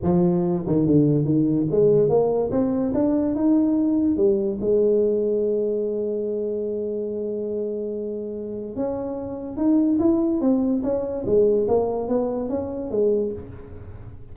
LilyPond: \new Staff \with { instrumentName = "tuba" } { \time 4/4 \tempo 4 = 144 f4. dis8 d4 dis4 | gis4 ais4 c'4 d'4 | dis'2 g4 gis4~ | gis1~ |
gis1~ | gis4 cis'2 dis'4 | e'4 c'4 cis'4 gis4 | ais4 b4 cis'4 gis4 | }